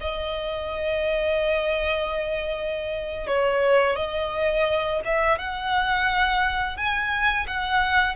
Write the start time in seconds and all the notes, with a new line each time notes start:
0.00 D#5
3.27 C#5
3.96 D#5
5.05 E5
5.38 F#5
6.77 G#5
7.47 F#5